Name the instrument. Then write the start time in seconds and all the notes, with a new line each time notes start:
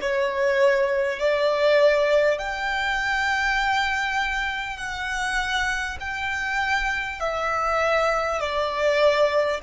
violin
0.00 C#5
1.19 D5
2.38 G5
4.77 F#5
5.99 G5
7.20 E5
8.39 D5